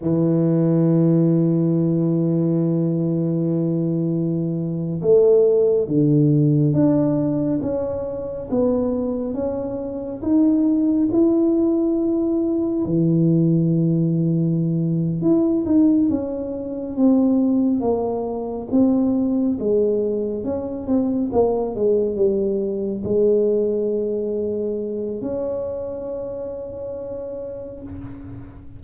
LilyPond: \new Staff \with { instrumentName = "tuba" } { \time 4/4 \tempo 4 = 69 e1~ | e4.~ e16 a4 d4 d'16~ | d'8. cis'4 b4 cis'4 dis'16~ | dis'8. e'2 e4~ e16~ |
e4. e'8 dis'8 cis'4 c'8~ | c'8 ais4 c'4 gis4 cis'8 | c'8 ais8 gis8 g4 gis4.~ | gis4 cis'2. | }